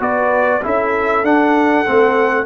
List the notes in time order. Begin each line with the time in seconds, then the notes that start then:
0.00 B3 F#4 B4 D5
0.63 C#4 E4 A4 E5
1.23 D4 F#5
1.87 A3 C4